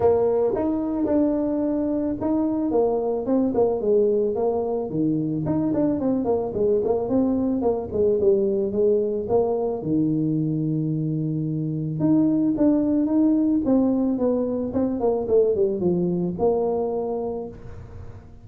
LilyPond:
\new Staff \with { instrumentName = "tuba" } { \time 4/4 \tempo 4 = 110 ais4 dis'4 d'2 | dis'4 ais4 c'8 ais8 gis4 | ais4 dis4 dis'8 d'8 c'8 ais8 | gis8 ais8 c'4 ais8 gis8 g4 |
gis4 ais4 dis2~ | dis2 dis'4 d'4 | dis'4 c'4 b4 c'8 ais8 | a8 g8 f4 ais2 | }